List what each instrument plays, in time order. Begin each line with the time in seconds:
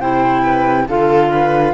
0.00 cello C3, clarinet E4, viola C5, flute G5
0.43 viola B4
0.88 cello D3, clarinet F4, viola A4, flute F5
1.32 viola B4